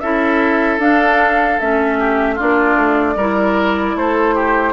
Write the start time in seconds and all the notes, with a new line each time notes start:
0.00 C#4 E4 A4 E5
0.78 D4 F5
1.59 A3 C#4 E5
1.99 G4
2.35 A#3 D4 F4 D5
2.75 A3
3.15 G3 E4 A#4
3.95 A3 A4 C5
4.35 G4